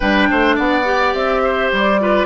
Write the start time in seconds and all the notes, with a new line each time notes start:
0.00 G3 D4 B4 G5
0.30 A3 C5
0.55 B3 D5 F#5
0.83 G4
1.13 C4 E5
1.43 C5
1.72 G3 D5
1.99 F4 B4